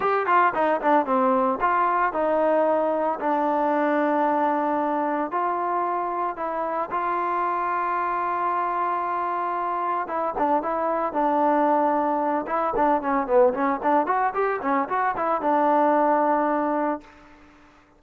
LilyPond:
\new Staff \with { instrumentName = "trombone" } { \time 4/4 \tempo 4 = 113 g'8 f'8 dis'8 d'8 c'4 f'4 | dis'2 d'2~ | d'2 f'2 | e'4 f'2.~ |
f'2. e'8 d'8 | e'4 d'2~ d'8 e'8 | d'8 cis'8 b8 cis'8 d'8 fis'8 g'8 cis'8 | fis'8 e'8 d'2. | }